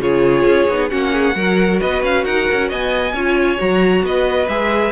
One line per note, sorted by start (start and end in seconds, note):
0.00 0.45 C#3
0.00 0.68 F4
0.00 0.91 G#4
0.00 0.90 C#5
0.45 0.68 C#4
0.69 0.92 B3
0.69 0.90 D#4
0.90 1.35 A#3
0.90 1.34 C#4
0.90 1.13 F#4
0.90 1.79 F#5
1.13 1.35 G#4
1.34 1.80 F#3
1.34 3.13 F#4
1.34 1.80 A#4
1.80 2.03 B3
1.80 2.25 B4
1.80 2.03 D#5
2.03 2.25 C#4
2.03 2.25 F5
2.25 2.47 D#4
2.25 2.69 A#4
2.25 2.69 F#5
2.52 2.72 C#4
2.69 3.13 B3
2.69 3.14 D#5
2.69 3.61 G#5
3.13 3.58 C#4
3.13 3.57 F4
3.13 4.03 C#5
3.57 4.03 F#3
3.57 4.47 F#4
3.57 4.05 A#5
4.03 4.47 B3
4.03 4.92 B4
4.03 4.48 D#5
4.48 4.92 G#3
4.48 4.92 G#4
4.48 4.92 E5